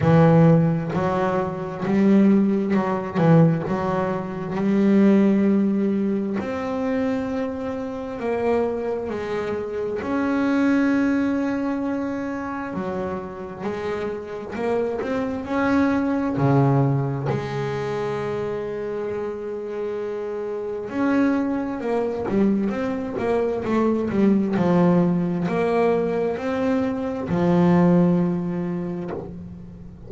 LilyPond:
\new Staff \with { instrumentName = "double bass" } { \time 4/4 \tempo 4 = 66 e4 fis4 g4 fis8 e8 | fis4 g2 c'4~ | c'4 ais4 gis4 cis'4~ | cis'2 fis4 gis4 |
ais8 c'8 cis'4 cis4 gis4~ | gis2. cis'4 | ais8 g8 c'8 ais8 a8 g8 f4 | ais4 c'4 f2 | }